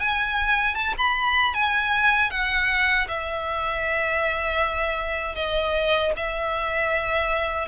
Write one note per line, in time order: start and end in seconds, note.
0.00 0.75 G#5
0.75 0.94 A5
0.98 1.55 B5
1.55 2.31 G#5
2.31 3.08 F#5
3.09 5.36 E5
5.36 6.13 D#5
6.17 7.69 E5